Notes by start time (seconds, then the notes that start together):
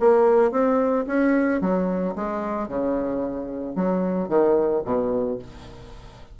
0.00 A#3
0.52 C4
1.07 C#4
1.61 F#3
2.16 G#3
2.69 C#3
3.76 F#3
4.29 D#3
4.85 B2